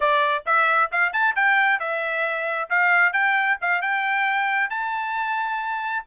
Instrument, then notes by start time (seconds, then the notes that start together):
trumpet
0.00 D5
0.46 E5
0.91 F5
1.13 A5
1.35 G5
1.79 E5
2.69 F5
3.12 G5
3.61 F5
3.81 G5
4.70 A5